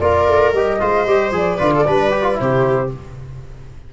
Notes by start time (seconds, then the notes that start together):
0.00 A#3 F4 A#4 D5
0.28 A3
0.54 G3 G4 D#5
0.81 G#3 F4 C5
1.06 G3 G4
1.32 F3 G#4 D5
1.59 D3 F4 B4
1.75 A4
1.87 G3 D4 B4
2.11 G4
2.23 F4
2.35 E4 C5
2.41 C3 G4